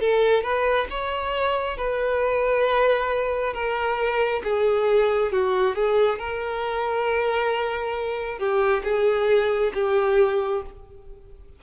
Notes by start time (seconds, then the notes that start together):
0.00 A4
0.43 B4
0.90 C#5
1.77 B4
3.53 A#4
4.43 G#4
5.32 F#4
5.75 G#4
6.18 A#4
8.38 G4
8.84 G#4
9.74 G4